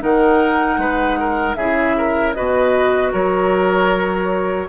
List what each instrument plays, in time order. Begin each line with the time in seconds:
0.00 bassoon D#3, clarinet D#4, oboe A#4, flute F#5
0.78 bassoon G#3, oboe B4
1.20 oboe A#4
1.55 bassoon C#3, clarinet E4, oboe G#4, flute E5
1.98 oboe A#4
2.34 bassoon B2, clarinet F#4, oboe B4, flute D#5
3.12 bassoon F#3, oboe A#4, flute C#5